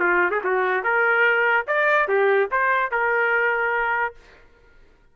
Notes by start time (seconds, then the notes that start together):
0.00 F4
0.31 G#4
0.44 F#4
0.84 A#4
1.68 D5
2.08 G4
2.51 C5
2.92 A#4